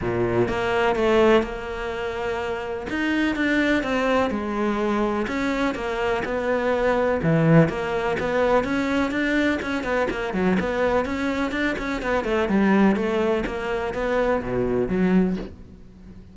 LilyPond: \new Staff \with { instrumentName = "cello" } { \time 4/4 \tempo 4 = 125 ais,4 ais4 a4 ais4~ | ais2 dis'4 d'4 | c'4 gis2 cis'4 | ais4 b2 e4 |
ais4 b4 cis'4 d'4 | cis'8 b8 ais8 fis8 b4 cis'4 | d'8 cis'8 b8 a8 g4 a4 | ais4 b4 b,4 fis4 | }